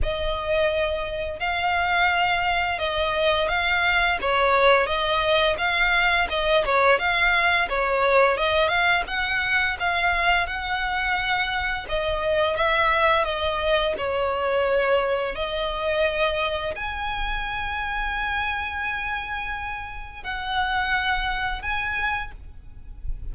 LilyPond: \new Staff \with { instrumentName = "violin" } { \time 4/4 \tempo 4 = 86 dis''2 f''2 | dis''4 f''4 cis''4 dis''4 | f''4 dis''8 cis''8 f''4 cis''4 | dis''8 f''8 fis''4 f''4 fis''4~ |
fis''4 dis''4 e''4 dis''4 | cis''2 dis''2 | gis''1~ | gis''4 fis''2 gis''4 | }